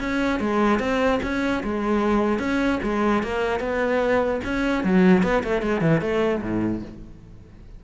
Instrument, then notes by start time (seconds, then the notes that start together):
cello
0.00 C#4
0.40 G#3
0.80 C4
1.23 C#4
1.64 G#3
2.39 C#4
2.84 G#3
3.23 A#3
3.60 B3
4.45 C#4
4.84 F#3
5.23 B3
5.44 A3
5.62 G#3
5.81 E3
6.01 A3
6.42 A2